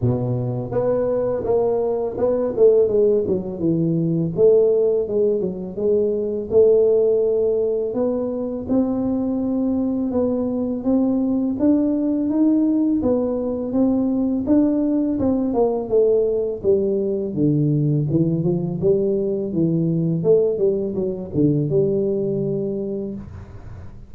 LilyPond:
\new Staff \with { instrumentName = "tuba" } { \time 4/4 \tempo 4 = 83 b,4 b4 ais4 b8 a8 | gis8 fis8 e4 a4 gis8 fis8 | gis4 a2 b4 | c'2 b4 c'4 |
d'4 dis'4 b4 c'4 | d'4 c'8 ais8 a4 g4 | d4 e8 f8 g4 e4 | a8 g8 fis8 d8 g2 | }